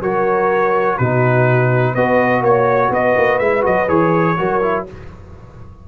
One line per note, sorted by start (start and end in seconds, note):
0.00 0.97 F#3
0.00 1.00 F#4
0.00 0.98 A#4
0.00 0.98 C#5
0.98 1.95 B2
0.98 1.97 D#4
0.98 1.95 F#4
0.98 1.95 B4
1.95 2.41 B3
1.95 3.42 F#4
1.95 2.43 B4
1.95 2.43 D#5
2.41 2.90 A#3
2.41 2.93 C#5
2.48 2.91 C#5
2.90 3.14 B3
2.90 4.37 B4
2.90 3.39 D#5
3.17 3.40 A#3
3.39 3.64 G#3
3.39 3.61 E4
3.39 3.63 E5
3.61 3.89 F#3
3.61 3.86 F#4
3.61 3.89 D#5
3.88 4.37 E3
3.88 4.36 G#4
3.88 4.86 C#5
4.37 4.88 F#3
4.37 4.61 F#4
4.37 4.87 A#4
4.62 4.86 E4